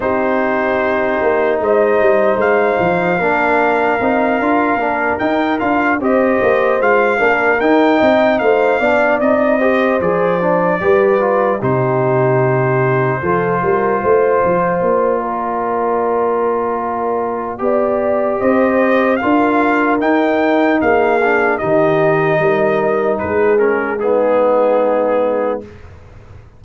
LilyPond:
<<
  \new Staff \with { instrumentName = "trumpet" } { \time 4/4 \tempo 4 = 75 c''2 dis''4 f''4~ | f''2~ f''8 g''8 f''8 dis''8~ | dis''8 f''4 g''4 f''4 dis''8~ | dis''8 d''2 c''4.~ |
c''2~ c''8 d''4.~ | d''2. dis''4 | f''4 g''4 f''4 dis''4~ | dis''4 b'8 ais'8 gis'2 | }
  \new Staff \with { instrumentName = "horn" } { \time 4/4 g'2 c''2 | ais'2.~ ais'8 c''8~ | c''4 ais'4 dis''8 c''8 d''4 | c''4. b'4 g'4.~ |
g'8 a'8 ais'8 c''4. ais'4~ | ais'2 d''4 c''4 | ais'2 gis'4 g'4 | ais'4 gis'4 dis'2 | }
  \new Staff \with { instrumentName = "trombone" } { \time 4/4 dis'1 | d'4 dis'8 f'8 d'8 dis'8 f'8 g'8~ | g'8 f'8 d'8 dis'4. d'8 dis'8 | g'8 gis'8 d'8 g'8 f'8 dis'4.~ |
dis'8 f'2.~ f'8~ | f'2 g'2 | f'4 dis'4. d'8 dis'4~ | dis'4. cis'8 b2 | }
  \new Staff \with { instrumentName = "tuba" } { \time 4/4 c'4. ais8 gis8 g8 gis8 f8 | ais4 c'8 d'8 ais8 dis'8 d'8 c'8 | ais8 gis8 ais8 dis'8 c'8 a8 b8 c'8~ | c'8 f4 g4 c4.~ |
c8 f8 g8 a8 f8 ais4.~ | ais2 b4 c'4 | d'4 dis'4 ais4 dis4 | g4 gis2. | }
>>